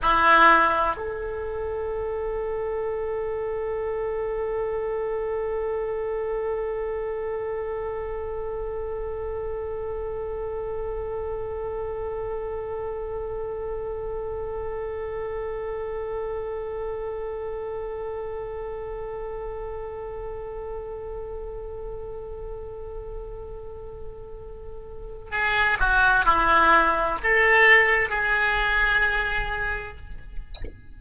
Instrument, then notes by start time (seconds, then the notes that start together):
oboe
0.02 E4
0.96 A4
25.31 G#4
25.79 F#4
26.25 E4
27.23 A4
28.09 G#4